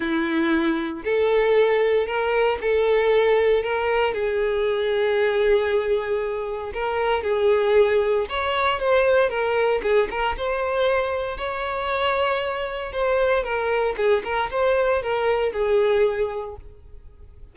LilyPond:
\new Staff \with { instrumentName = "violin" } { \time 4/4 \tempo 4 = 116 e'2 a'2 | ais'4 a'2 ais'4 | gis'1~ | gis'4 ais'4 gis'2 |
cis''4 c''4 ais'4 gis'8 ais'8 | c''2 cis''2~ | cis''4 c''4 ais'4 gis'8 ais'8 | c''4 ais'4 gis'2 | }